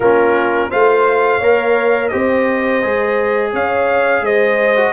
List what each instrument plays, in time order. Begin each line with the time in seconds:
0.00 tuba A#3, trombone C#4, horn F4, trumpet A#4
0.69 tuba A3, trombone F4, horn C5, trumpet F5
1.38 tuba A#3, trombone A#4, horn C#5
2.08 tuba C4, trombone G4, horn C5, trumpet D#5
2.82 tuba G#3, trombone G#4
3.52 tuba C#4, horn C#5, trumpet F5
4.21 tuba G#3, horn C5, trumpet D#5
4.76 trombone F#4